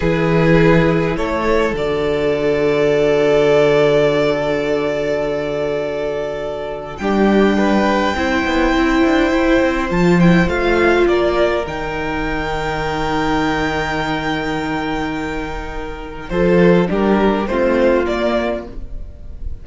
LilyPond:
<<
  \new Staff \with { instrumentName = "violin" } { \time 4/4 \tempo 4 = 103 b'2 cis''4 d''4~ | d''1~ | d''1 | g''1~ |
g''4 a''8 g''8 f''4 d''4 | g''1~ | g''1 | c''4 ais'4 c''4 d''4 | }
  \new Staff \with { instrumentName = "violin" } { \time 4/4 gis'2 a'2~ | a'1~ | a'1 | g'4 b'4 c''2~ |
c''2. ais'4~ | ais'1~ | ais'1 | a'4 g'4 f'2 | }
  \new Staff \with { instrumentName = "viola" } { \time 4/4 e'2. fis'4~ | fis'1~ | fis'1 | d'2 e'2~ |
e'4 f'8 e'8 f'2 | dis'1~ | dis'1 | f'4 d'4 c'4 ais4 | }
  \new Staff \with { instrumentName = "cello" } { \time 4/4 e2 a4 d4~ | d1~ | d1 | g2 c'8 b8 c'8 d'8 |
e'8 c'8 f4 a4 ais4 | dis1~ | dis1 | f4 g4 a4 ais4 | }
>>